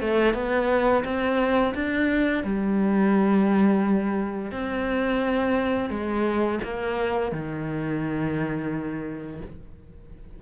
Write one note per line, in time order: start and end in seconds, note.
0.00 0.34 A3
0.34 1.03 B3
1.04 1.73 C4
1.74 2.44 D4
2.44 4.51 G3
4.51 5.89 C4
5.89 6.59 G#3
6.63 7.31 A#3
7.31 9.41 D#3